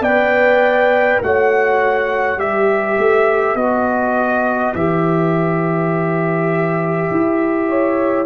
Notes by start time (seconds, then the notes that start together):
0.00 B3 D5 G5
0.07 B4
1.22 A3 F#4 C#5 F#5
2.37 G3 G4 B4 E5
2.98 A3
3.54 B3 F#4 D#5
4.74 E3 G4 E5
7.11 E4
7.68 C#5